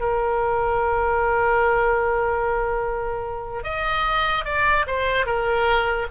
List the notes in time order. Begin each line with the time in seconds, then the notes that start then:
0.00 A#4
3.64 D#5
4.45 D5
4.87 C5
5.26 A#4